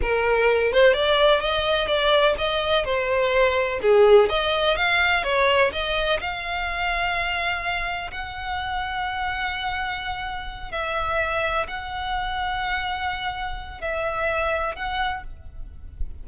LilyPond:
\new Staff \with { instrumentName = "violin" } { \time 4/4 \tempo 4 = 126 ais'4. c''8 d''4 dis''4 | d''4 dis''4 c''2 | gis'4 dis''4 f''4 cis''4 | dis''4 f''2.~ |
f''4 fis''2.~ | fis''2~ fis''8 e''4.~ | e''8 fis''2.~ fis''8~ | fis''4 e''2 fis''4 | }